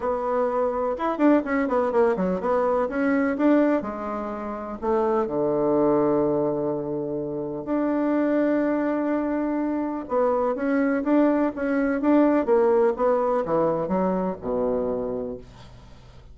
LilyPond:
\new Staff \with { instrumentName = "bassoon" } { \time 4/4 \tempo 4 = 125 b2 e'8 d'8 cis'8 b8 | ais8 fis8 b4 cis'4 d'4 | gis2 a4 d4~ | d1 |
d'1~ | d'4 b4 cis'4 d'4 | cis'4 d'4 ais4 b4 | e4 fis4 b,2 | }